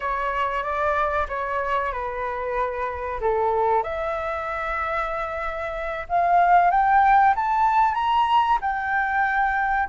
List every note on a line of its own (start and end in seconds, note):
0.00 0.63 C#5
0.63 1.26 D5
1.28 1.92 C#5
1.92 3.20 B4
3.21 3.83 A4
3.83 6.06 E5
6.08 6.70 F5
6.70 7.34 G5
7.35 7.94 A5
7.94 8.58 A#5
8.61 9.88 G5